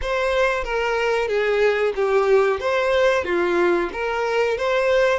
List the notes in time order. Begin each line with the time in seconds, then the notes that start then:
0.01 C5
0.64 A#4
1.27 G#4
1.95 G4
2.60 C5
3.24 F4
3.92 A#4
4.57 C5